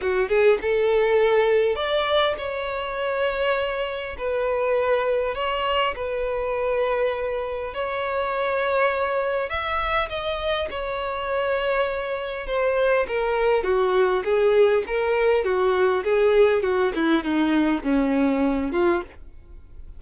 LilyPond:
\new Staff \with { instrumentName = "violin" } { \time 4/4 \tempo 4 = 101 fis'8 gis'8 a'2 d''4 | cis''2. b'4~ | b'4 cis''4 b'2~ | b'4 cis''2. |
e''4 dis''4 cis''2~ | cis''4 c''4 ais'4 fis'4 | gis'4 ais'4 fis'4 gis'4 | fis'8 e'8 dis'4 cis'4. f'8 | }